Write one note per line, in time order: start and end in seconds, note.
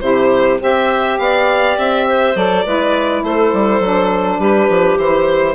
0.00 0.59 C3
0.00 0.58 E4
0.00 0.60 G4
0.00 0.58 C5
0.59 1.18 C4
0.59 2.33 G4
0.59 1.18 C5
0.59 1.18 E5
1.18 1.77 B3
1.18 2.07 D5
1.18 1.77 F5
1.78 2.35 C4
1.78 2.36 E5
2.07 2.65 C5
2.35 2.64 F#3
2.35 2.65 A4
2.35 3.23 D5
2.65 3.23 G#3
2.65 3.81 E4
2.65 3.23 B4
3.23 3.52 A3
3.23 4.40 A4
3.23 4.39 C5
3.53 3.80 G3
3.80 4.38 F#3
3.80 4.99 D4
4.39 4.68 G3
4.39 5.54 G4
4.39 4.98 B4
4.69 4.97 F3
4.97 5.54 E3
4.97 5.54 E4
4.97 5.54 C5